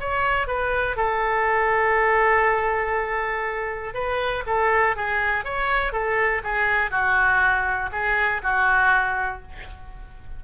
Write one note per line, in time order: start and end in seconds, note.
0.00 0.47 C#5
0.47 0.97 B4
0.97 3.94 A4
3.94 4.44 B4
4.47 4.96 A4
4.96 5.44 G#4
5.44 5.93 C#5
5.93 6.42 A4
6.44 6.91 G#4
6.91 7.90 F#4
7.92 8.42 G#4
8.43 9.42 F#4